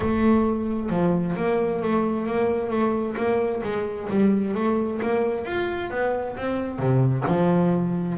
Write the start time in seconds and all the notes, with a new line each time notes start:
0.00 A3
0.89 F3
1.36 A#3
1.82 A3
2.26 A#3
2.69 A3
3.16 A#3
3.63 G#3
4.10 G3
4.54 A3
5.01 A#3
5.45 F4
5.90 B3
6.36 C4
6.78 C3
7.27 F3